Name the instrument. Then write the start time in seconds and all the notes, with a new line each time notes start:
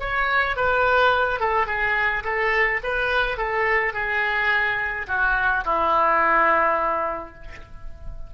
oboe
0.00 C#5
0.57 B4
1.40 A4
1.67 G#4
2.24 A4
2.84 B4
3.38 A4
3.94 G#4
5.08 F#4
5.65 E4